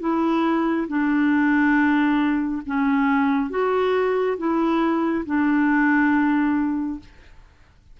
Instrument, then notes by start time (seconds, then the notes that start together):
clarinet
0.00 E4
0.88 D4
2.66 C#4
3.50 F#4
4.38 E4
5.25 D4